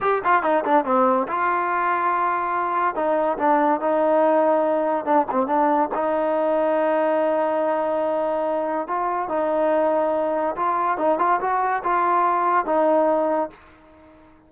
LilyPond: \new Staff \with { instrumentName = "trombone" } { \time 4/4 \tempo 4 = 142 g'8 f'8 dis'8 d'8 c'4 f'4~ | f'2. dis'4 | d'4 dis'2. | d'8 c'8 d'4 dis'2~ |
dis'1~ | dis'4 f'4 dis'2~ | dis'4 f'4 dis'8 f'8 fis'4 | f'2 dis'2 | }